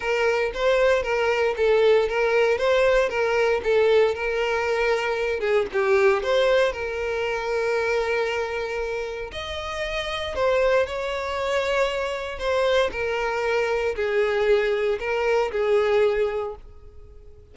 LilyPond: \new Staff \with { instrumentName = "violin" } { \time 4/4 \tempo 4 = 116 ais'4 c''4 ais'4 a'4 | ais'4 c''4 ais'4 a'4 | ais'2~ ais'8 gis'8 g'4 | c''4 ais'2.~ |
ais'2 dis''2 | c''4 cis''2. | c''4 ais'2 gis'4~ | gis'4 ais'4 gis'2 | }